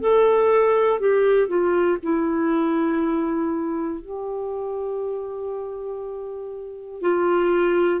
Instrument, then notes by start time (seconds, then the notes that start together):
clarinet
0.00 A4
1.00 G4
1.47 F4
2.03 E4
4.01 G4
7.01 F4